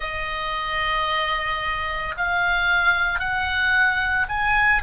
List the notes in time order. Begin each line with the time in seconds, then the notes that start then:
0.00 D#5
2.17 F5
3.19 F#5
4.29 G#5